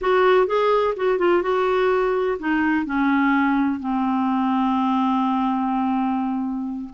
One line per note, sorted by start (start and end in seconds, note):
0.01 0.46 F#4
0.46 0.94 G#4
0.96 1.18 F#4
1.18 1.42 F4
1.42 2.37 F#4
2.39 2.85 D#4
2.85 3.79 C#4
3.79 6.89 C4